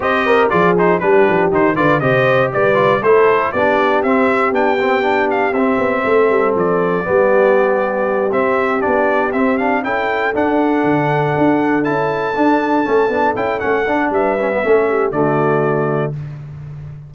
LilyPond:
<<
  \new Staff \with { instrumentName = "trumpet" } { \time 4/4 \tempo 4 = 119 dis''4 d''8 c''8 b'4 c''8 d''8 | dis''4 d''4 c''4 d''4 | e''4 g''4. f''8 e''4~ | e''4 d''2.~ |
d''8 e''4 d''4 e''8 f''8 g''8~ | g''8 fis''2. a''8~ | a''2~ a''8 g''8 fis''4 | e''2 d''2 | }
  \new Staff \with { instrumentName = "horn" } { \time 4/4 c''8 ais'8 gis'4 g'4. b'8 | c''4 b'4 a'4 g'4~ | g'1 | a'2 g'2~ |
g'2.~ g'8 a'8~ | a'1~ | a'1 | b'4 a'8 g'8 fis'2 | }
  \new Staff \with { instrumentName = "trombone" } { \time 4/4 g'4 f'8 dis'8 d'4 dis'8 f'8 | g'4. f'8 e'4 d'4 | c'4 d'8 c'8 d'4 c'4~ | c'2 b2~ |
b8 c'4 d'4 c'8 d'8 e'8~ | e'8 d'2. e'8~ | e'8 d'4 cis'8 d'8 e'8 cis'8 d'8~ | d'8 cis'16 b16 cis'4 a2 | }
  \new Staff \with { instrumentName = "tuba" } { \time 4/4 c'4 f4 g8 f8 dis8 d8 | c4 g4 a4 b4 | c'4 b2 c'8 b8 | a8 g8 f4 g2~ |
g8 c'4 b4 c'4 cis'8~ | cis'8 d'4 d4 d'4 cis'8~ | cis'8 d'4 a8 b8 cis'8 a8 d'8 | g4 a4 d2 | }
>>